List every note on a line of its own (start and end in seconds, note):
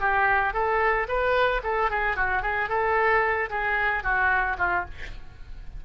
0.00 0.53 G4
0.53 1.07 A4
1.08 1.61 B4
1.63 1.90 A4
1.90 2.16 G#4
2.16 2.42 F#4
2.42 2.69 G#4
2.69 3.49 A4
3.49 4.03 G#4
4.03 4.57 F#4
4.58 4.85 F4